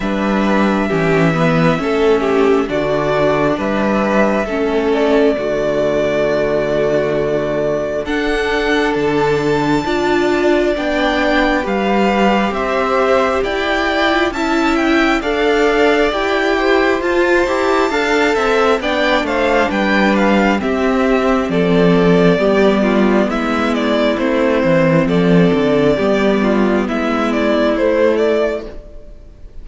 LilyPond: <<
  \new Staff \with { instrumentName = "violin" } { \time 4/4 \tempo 4 = 67 e''2. d''4 | e''4. d''2~ d''8~ | d''4 fis''4 a''2 | g''4 f''4 e''4 g''4 |
a''8 g''8 f''4 g''4 a''4~ | a''4 g''8 f''8 g''8 f''8 e''4 | d''2 e''8 d''8 c''4 | d''2 e''8 d''8 c''8 d''8 | }
  \new Staff \with { instrumentName = "violin" } { \time 4/4 b'4 g'8 b'8 a'8 g'8 fis'4 | b'4 a'4 fis'2~ | fis'4 a'2 d''4~ | d''4 b'4 c''4 d''4 |
e''4 d''4. c''4. | f''8 e''8 d''8 c''8 b'4 g'4 | a'4 g'8 f'8 e'2 | a'4 g'8 f'8 e'2 | }
  \new Staff \with { instrumentName = "viola" } { \time 4/4 d'4 cis'8 b8 cis'4 d'4~ | d'4 cis'4 a2~ | a4 d'2 f'4 | d'4 g'2~ g'8. f'16 |
e'4 a'4 g'4 f'8 g'8 | a'4 d'2 c'4~ | c'4 b2 c'4~ | c'4 b2 a4 | }
  \new Staff \with { instrumentName = "cello" } { \time 4/4 g4 e4 a4 d4 | g4 a4 d2~ | d4 d'4 d4 d'4 | b4 g4 c'4 e'4 |
cis'4 d'4 e'4 f'8 e'8 | d'8 c'8 b8 a8 g4 c'4 | f4 g4 gis4 a8 e8 | f8 d8 g4 gis4 a4 | }
>>